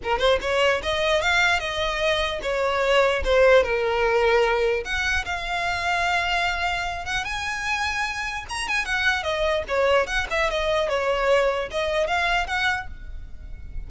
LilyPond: \new Staff \with { instrumentName = "violin" } { \time 4/4 \tempo 4 = 149 ais'8 c''8 cis''4 dis''4 f''4 | dis''2 cis''2 | c''4 ais'2. | fis''4 f''2.~ |
f''4. fis''8 gis''2~ | gis''4 ais''8 gis''8 fis''4 dis''4 | cis''4 fis''8 e''8 dis''4 cis''4~ | cis''4 dis''4 f''4 fis''4 | }